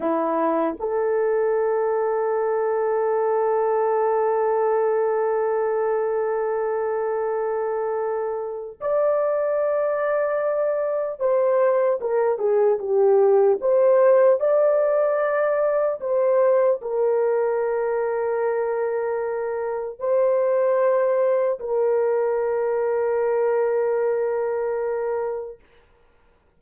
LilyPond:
\new Staff \with { instrumentName = "horn" } { \time 4/4 \tempo 4 = 75 e'4 a'2.~ | a'1~ | a'2. d''4~ | d''2 c''4 ais'8 gis'8 |
g'4 c''4 d''2 | c''4 ais'2.~ | ais'4 c''2 ais'4~ | ais'1 | }